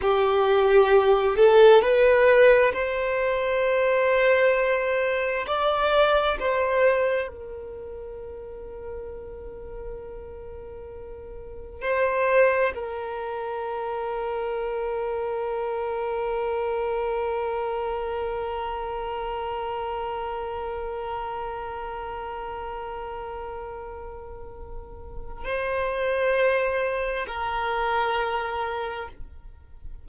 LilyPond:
\new Staff \with { instrumentName = "violin" } { \time 4/4 \tempo 4 = 66 g'4. a'8 b'4 c''4~ | c''2 d''4 c''4 | ais'1~ | ais'4 c''4 ais'2~ |
ais'1~ | ais'1~ | ais'1 | c''2 ais'2 | }